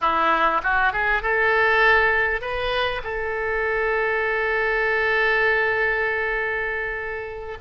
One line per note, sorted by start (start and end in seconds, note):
0.01 0.61 E4
0.63 0.92 F#4
0.92 1.22 G#4
1.22 2.41 A4
2.41 3.01 B4
3.03 7.58 A4